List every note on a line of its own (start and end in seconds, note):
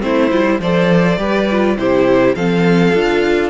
0.00 0.32 A3
0.00 0.29 C4
0.00 0.61 E4
0.00 0.61 C5
0.30 0.60 G3
0.30 0.45 F4
0.45 0.60 E4
0.60 1.18 F3
0.60 1.18 A4
0.60 1.19 C5
0.60 1.78 D5
1.18 1.76 G3
1.18 1.47 G4
1.18 1.78 B4
1.51 1.78 F4
1.77 2.36 C3
1.77 2.36 E4
1.77 2.36 G4
1.77 2.36 C5
2.36 2.94 F3
2.36 2.95 C4
2.36 3.50 A4
2.36 3.50 F5
2.95 3.50 D4
2.95 3.50 F4